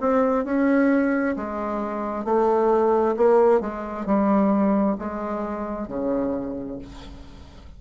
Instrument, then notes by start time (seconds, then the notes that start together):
bassoon
0.00 C4
0.44 C#4
1.36 G#3
2.24 A3
3.16 A#3
3.60 G#3
4.05 G3
4.98 G#3
5.88 C#3